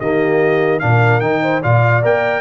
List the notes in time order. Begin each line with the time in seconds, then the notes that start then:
0.00 D#3 A#3 G4 D#5
0.80 A#2 D4 A#4 F5
1.21 D#3 D#4 G5
1.43 C5
1.62 A#2 F4 D5 F5
2.03 A#3 A#4 G5